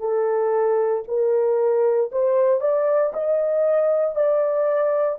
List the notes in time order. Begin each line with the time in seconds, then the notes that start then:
0.00 A4
1.08 A#4
2.12 C5
2.61 D5
3.14 D#5
4.16 D5